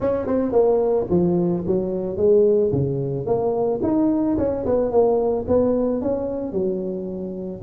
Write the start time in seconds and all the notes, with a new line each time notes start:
0.00 C#4
0.26 C4
0.52 A#3
1.10 F3
1.66 F#3
2.16 G#3
2.71 C#3
3.26 A#3
3.82 D#4
4.38 C#4
4.65 B3
4.91 A#3
5.47 B3
6.01 C#4
6.52 F#3